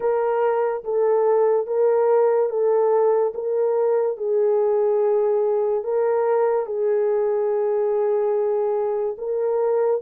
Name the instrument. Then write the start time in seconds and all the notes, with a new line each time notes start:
horn
0.00 A#4
0.83 A4
1.66 A#4
2.49 A4
3.34 A#4
4.17 G#4
5.83 A#4
6.66 G#4
9.17 A#4